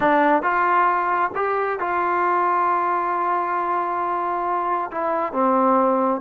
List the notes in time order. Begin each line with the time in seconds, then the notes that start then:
0.00 D4
0.42 F4
1.35 G4
1.79 F4
4.91 E4
5.33 C4